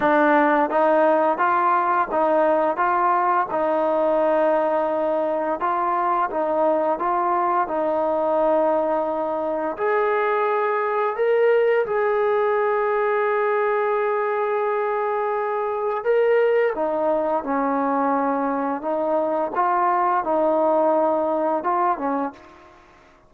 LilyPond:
\new Staff \with { instrumentName = "trombone" } { \time 4/4 \tempo 4 = 86 d'4 dis'4 f'4 dis'4 | f'4 dis'2. | f'4 dis'4 f'4 dis'4~ | dis'2 gis'2 |
ais'4 gis'2.~ | gis'2. ais'4 | dis'4 cis'2 dis'4 | f'4 dis'2 f'8 cis'8 | }